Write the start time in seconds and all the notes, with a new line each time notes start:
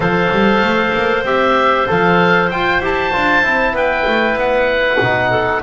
0.00 F3 A4 C5 F5
0.32 G3
0.61 A3
0.93 A#3
1.22 C4 G4 E5
1.86 F3 A4 F5
2.50 F4 G5
2.80 E4 G4 A5
3.12 D4 F4
3.43 C4 E4
3.73 B3 B4 G5
4.06 A3
4.34 B3 F#5
5.00 B2 D#4
5.30 A4